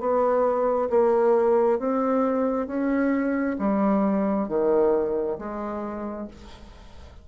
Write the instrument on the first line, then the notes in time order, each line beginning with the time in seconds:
bassoon
0.00 B3
0.90 A#3
1.80 C4
2.67 C#4
3.59 G3
4.49 D#3
5.39 G#3